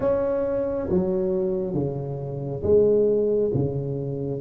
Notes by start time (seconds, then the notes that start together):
0.00 C#4
0.89 F#3
1.74 C#3
2.62 G#3
3.53 C#3